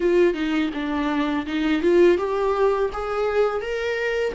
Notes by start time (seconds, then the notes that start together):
0.00 F4
0.34 D#4
0.73 D4
1.46 D#4
1.81 F4
2.17 G4
2.92 G#4
3.61 A#4